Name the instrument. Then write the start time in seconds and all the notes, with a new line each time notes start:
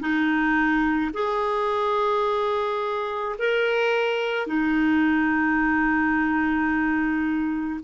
clarinet
0.00 D#4
1.14 G#4
3.39 A#4
4.47 D#4